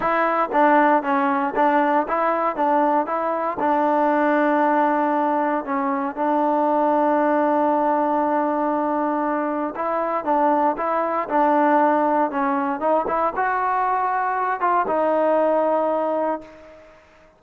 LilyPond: \new Staff \with { instrumentName = "trombone" } { \time 4/4 \tempo 4 = 117 e'4 d'4 cis'4 d'4 | e'4 d'4 e'4 d'4~ | d'2. cis'4 | d'1~ |
d'2. e'4 | d'4 e'4 d'2 | cis'4 dis'8 e'8 fis'2~ | fis'8 f'8 dis'2. | }